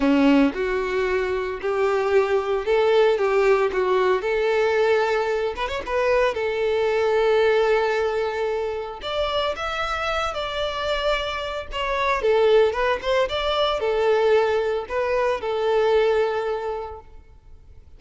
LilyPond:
\new Staff \with { instrumentName = "violin" } { \time 4/4 \tempo 4 = 113 cis'4 fis'2 g'4~ | g'4 a'4 g'4 fis'4 | a'2~ a'8 b'16 cis''16 b'4 | a'1~ |
a'4 d''4 e''4. d''8~ | d''2 cis''4 a'4 | b'8 c''8 d''4 a'2 | b'4 a'2. | }